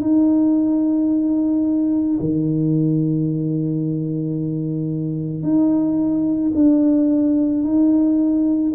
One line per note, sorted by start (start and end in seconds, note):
0.00 2.18 D#4
2.20 5.42 D#3
5.42 6.52 D#4
6.55 7.63 D4
7.63 8.72 D#4